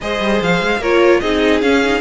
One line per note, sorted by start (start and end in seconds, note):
0.01 0.20 G#3
0.01 0.82 G#4
0.01 0.80 C5
0.01 0.41 D#5
0.20 0.40 G3
0.41 0.61 F3
0.41 0.82 F5
0.61 0.79 G#3
0.79 1.19 A#3
0.79 1.23 F4
0.79 1.20 A#4
0.79 1.20 C#5
1.20 1.62 C4
1.20 1.63 D#4
1.20 2.00 G#4
1.20 1.60 D#5
1.61 2.00 C#4
1.61 1.83 C#4
1.61 2.00 F5
1.83 2.00 D#4